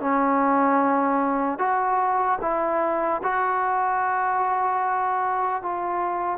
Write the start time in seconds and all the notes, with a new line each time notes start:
0.00 C#4
1.58 F#4
2.41 E4
3.23 F#4
5.62 F4